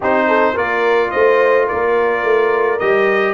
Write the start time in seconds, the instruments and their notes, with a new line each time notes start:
0.00 tuba C4, trombone D#4, horn G4, trumpet C5
0.27 horn A4
0.54 tuba A#3, trombone F4, horn A#4, trumpet D5
1.10 tuba A3, horn C5, trumpet D#5
1.67 tuba A#3, horn A#4, trumpet D5
2.23 tuba A3
2.79 tuba G3, trombone G4, trumpet D#5